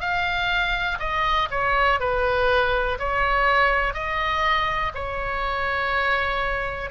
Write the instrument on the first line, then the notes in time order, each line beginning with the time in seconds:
oboe
0.00 F5
0.99 D#5
1.51 C#5
2.00 B4
2.99 C#5
3.94 D#5
4.94 C#5